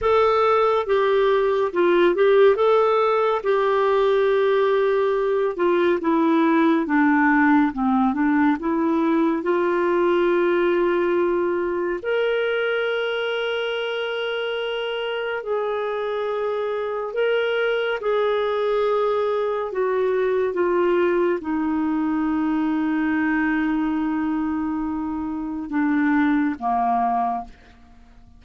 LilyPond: \new Staff \with { instrumentName = "clarinet" } { \time 4/4 \tempo 4 = 70 a'4 g'4 f'8 g'8 a'4 | g'2~ g'8 f'8 e'4 | d'4 c'8 d'8 e'4 f'4~ | f'2 ais'2~ |
ais'2 gis'2 | ais'4 gis'2 fis'4 | f'4 dis'2.~ | dis'2 d'4 ais4 | }